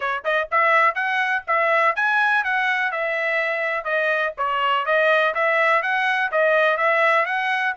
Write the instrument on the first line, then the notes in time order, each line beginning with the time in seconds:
trumpet
0.00 C#5
0.24 D#5
0.51 E5
0.94 F#5
1.47 E5
1.95 G#5
2.43 F#5
2.91 E5
3.84 D#5
4.37 C#5
4.85 D#5
5.34 E5
5.82 F#5
6.31 D#5
6.77 E5
7.25 F#5